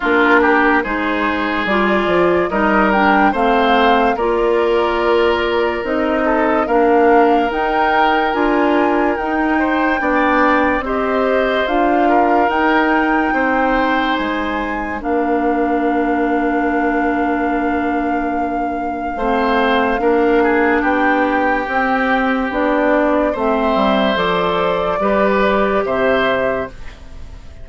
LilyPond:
<<
  \new Staff \with { instrumentName = "flute" } { \time 4/4 \tempo 4 = 72 ais'4 c''4 d''4 dis''8 g''8 | f''4 d''2 dis''4 | f''4 g''4 gis''4 g''4~ | g''4 dis''4 f''4 g''4~ |
g''4 gis''4 f''2~ | f''1~ | f''4 g''2 d''4 | e''4 d''2 e''4 | }
  \new Staff \with { instrumentName = "oboe" } { \time 4/4 f'8 g'8 gis'2 ais'4 | c''4 ais'2~ ais'8 a'8 | ais'2.~ ais'8 c''8 | d''4 c''4. ais'4. |
c''2 ais'2~ | ais'2. c''4 | ais'8 gis'8 g'2. | c''2 b'4 c''4 | }
  \new Staff \with { instrumentName = "clarinet" } { \time 4/4 d'4 dis'4 f'4 dis'8 d'8 | c'4 f'2 dis'4 | d'4 dis'4 f'4 dis'4 | d'4 g'4 f'4 dis'4~ |
dis'2 d'2~ | d'2. c'4 | d'2 c'4 d'4 | c'4 a'4 g'2 | }
  \new Staff \with { instrumentName = "bassoon" } { \time 4/4 ais4 gis4 g8 f8 g4 | a4 ais2 c'4 | ais4 dis'4 d'4 dis'4 | b4 c'4 d'4 dis'4 |
c'4 gis4 ais2~ | ais2. a4 | ais4 b4 c'4 b4 | a8 g8 f4 g4 c4 | }
>>